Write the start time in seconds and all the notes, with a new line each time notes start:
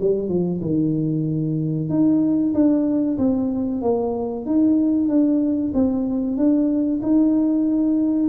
0.00 G3
0.28 F3
0.61 D#3
1.89 D#4
2.53 D4
3.18 C4
3.81 A#3
4.45 D#4
5.08 D4
5.74 C4
6.36 D4
7.02 D#4